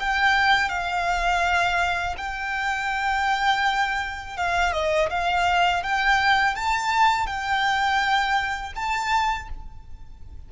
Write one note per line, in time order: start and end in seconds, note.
0.00 0.70 G5
0.70 2.16 F5
2.18 4.37 G5
4.37 4.73 F5
4.73 5.10 D#5
5.10 5.83 F5
5.83 6.56 G5
6.56 7.27 A5
7.27 8.73 G5
8.76 9.49 A5